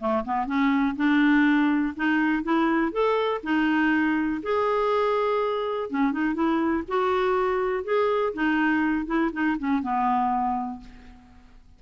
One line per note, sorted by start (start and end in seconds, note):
0.00 0.25 A3
0.25 0.47 B3
0.47 0.96 C#4
0.96 1.95 D4
1.96 2.43 D#4
2.43 2.93 E4
2.93 3.42 A4
3.44 4.42 D#4
4.43 5.90 G#4
5.90 6.12 C#4
6.12 6.35 D#4
6.35 6.84 E4
6.89 7.84 F#4
7.84 8.33 G#4
8.34 9.07 D#4
9.07 9.31 E4
9.33 9.57 D#4
9.59 9.83 C#4
9.83 10.81 B3